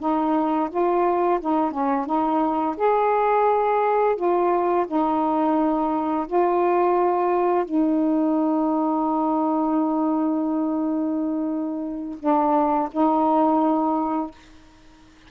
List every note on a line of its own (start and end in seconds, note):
0.00 0.70 D#4
0.70 1.40 F4
1.40 1.72 D#4
1.72 2.06 C#4
2.06 2.76 D#4
2.77 4.16 G#4
4.16 4.86 F4
4.87 6.27 D#4
6.28 7.65 F4
7.65 12.19 D#4
12.20 12.89 D4
12.92 14.31 D#4